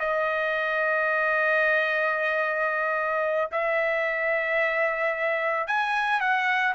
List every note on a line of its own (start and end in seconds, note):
0.00 3.51 D#5
3.52 5.68 E5
5.68 6.21 G#5
6.21 6.75 F#5